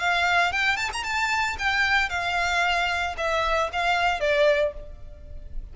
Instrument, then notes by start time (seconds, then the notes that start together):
violin
0.00 F5
0.52 G5
0.77 A5
0.93 A#5
1.04 A5
1.59 G5
2.09 F5
3.17 E5
3.73 F5
4.20 D5